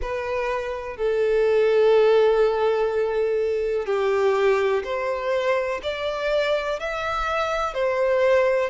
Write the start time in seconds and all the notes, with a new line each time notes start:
0.01 B4
0.96 A4
3.86 G4
4.83 C5
5.82 D5
6.79 E5
7.74 C5